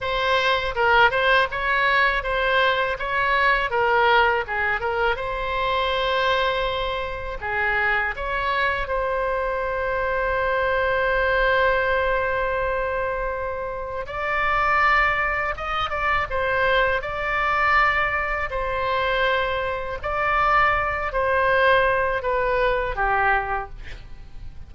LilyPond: \new Staff \with { instrumentName = "oboe" } { \time 4/4 \tempo 4 = 81 c''4 ais'8 c''8 cis''4 c''4 | cis''4 ais'4 gis'8 ais'8 c''4~ | c''2 gis'4 cis''4 | c''1~ |
c''2. d''4~ | d''4 dis''8 d''8 c''4 d''4~ | d''4 c''2 d''4~ | d''8 c''4. b'4 g'4 | }